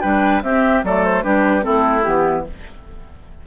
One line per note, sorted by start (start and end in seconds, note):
0.00 0.42 G3
0.00 0.42 D4
0.00 0.42 B4
0.00 0.41 G5
0.42 0.83 C4
0.42 0.84 C4
0.42 0.85 G4
0.42 0.84 E5
0.84 1.24 F#3
0.84 1.24 A3
0.84 1.24 A4
0.84 1.04 D5
1.04 1.23 C5
1.23 1.65 G3
1.23 1.61 D4
1.23 1.65 G4
1.23 1.63 B4
1.61 2.06 A3
1.61 2.02 C4
1.61 2.46 E4
1.61 2.03 A4
2.03 2.46 E3
2.03 2.45 B3
2.03 2.44 G4